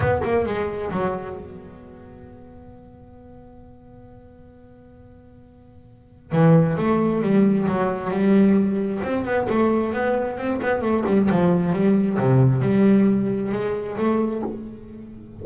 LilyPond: \new Staff \with { instrumentName = "double bass" } { \time 4/4 \tempo 4 = 133 b8 ais8 gis4 fis4 b4~ | b1~ | b1~ | b2 e4 a4 |
g4 fis4 g2 | c'8 b8 a4 b4 c'8 b8 | a8 g8 f4 g4 c4 | g2 gis4 a4 | }